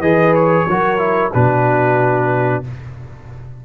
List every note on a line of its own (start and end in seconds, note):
0.00 0.65 E3
0.00 0.68 G#4
0.00 0.66 B4
0.00 0.34 D#5
0.35 1.32 C#5
0.68 1.33 F#3
0.68 0.98 F#4
0.68 1.33 A#4
0.98 1.31 E4
1.33 2.65 B2
1.33 2.64 D4
1.33 2.64 F#4
1.33 2.64 B4